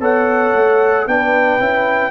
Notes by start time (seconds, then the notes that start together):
0.00 B3 A4 C#5 F#5
0.54 A3
1.07 B3 D4 B4 G5
1.59 C#4 E4